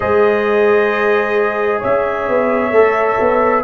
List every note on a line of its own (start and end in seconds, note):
0.00 1.82 G#3
0.00 2.72 G#4
0.00 1.79 C5
0.00 1.81 D#5
1.79 2.28 C#4
1.79 3.61 C#5
1.79 3.64 E5
2.28 2.71 B3
2.71 3.16 A3
2.71 3.64 A4
3.20 3.64 B3